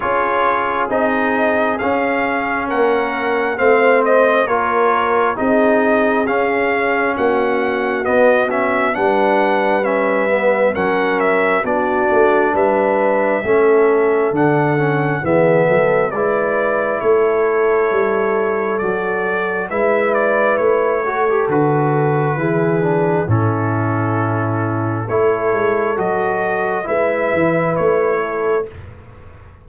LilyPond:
<<
  \new Staff \with { instrumentName = "trumpet" } { \time 4/4 \tempo 4 = 67 cis''4 dis''4 f''4 fis''4 | f''8 dis''8 cis''4 dis''4 f''4 | fis''4 dis''8 e''8 fis''4 e''4 | fis''8 e''8 d''4 e''2 |
fis''4 e''4 d''4 cis''4~ | cis''4 d''4 e''8 d''8 cis''4 | b'2 a'2 | cis''4 dis''4 e''4 cis''4 | }
  \new Staff \with { instrumentName = "horn" } { \time 4/4 gis'2. ais'4 | c''4 ais'4 gis'2 | fis'2 b'2 | ais'4 fis'4 b'4 a'4~ |
a'4 gis'8 a'8 b'4 a'4~ | a'2 b'4. a'8~ | a'4 gis'4 e'2 | a'2 b'4. a'8 | }
  \new Staff \with { instrumentName = "trombone" } { \time 4/4 f'4 dis'4 cis'2 | c'4 f'4 dis'4 cis'4~ | cis'4 b8 cis'8 d'4 cis'8 b8 | cis'4 d'2 cis'4 |
d'8 cis'8 b4 e'2~ | e'4 fis'4 e'4. fis'16 g'16 | fis'4 e'8 d'8 cis'2 | e'4 fis'4 e'2 | }
  \new Staff \with { instrumentName = "tuba" } { \time 4/4 cis'4 c'4 cis'4 ais4 | a4 ais4 c'4 cis'4 | ais4 b4 g2 | fis4 b8 a8 g4 a4 |
d4 e8 fis8 gis4 a4 | g4 fis4 gis4 a4 | d4 e4 a,2 | a8 gis8 fis4 gis8 e8 a4 | }
>>